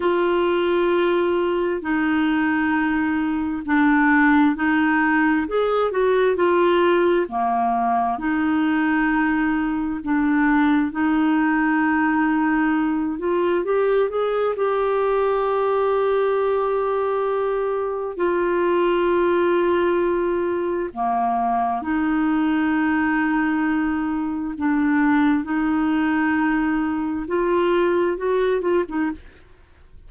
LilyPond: \new Staff \with { instrumentName = "clarinet" } { \time 4/4 \tempo 4 = 66 f'2 dis'2 | d'4 dis'4 gis'8 fis'8 f'4 | ais4 dis'2 d'4 | dis'2~ dis'8 f'8 g'8 gis'8 |
g'1 | f'2. ais4 | dis'2. d'4 | dis'2 f'4 fis'8 f'16 dis'16 | }